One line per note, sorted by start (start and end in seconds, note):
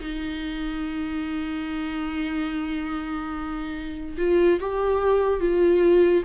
0.00 4.17 D#4
4.18 4.59 F4
4.60 5.40 G4
5.40 6.23 F4